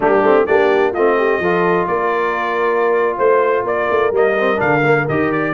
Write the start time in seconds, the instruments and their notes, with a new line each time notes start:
0.00 tuba G3, trombone A#3, horn D4, trumpet G4
0.22 tuba A3, trombone C4
0.46 tuba A#3, trombone D4, horn G4, trumpet D5
0.92 tuba A3, trombone C4, horn F4, trumpet D#5
1.17 horn G4
1.39 tuba F3, trombone F4, horn A4
1.87 tuba A#3, horn A#4, trumpet D5
3.17 tuba A3, horn C5, trumpet C5
3.64 tuba A#3, horn A#4, trumpet D5
3.90 tuba A3
4.11 tuba G3, trombone A#3, trumpet D#5
4.38 trombone C4
4.56 tuba D3, trombone D4, trumpet F5
4.85 trombone A#3
5.08 tuba D#3, trombone G4, trumpet D#5
5.32 trumpet D5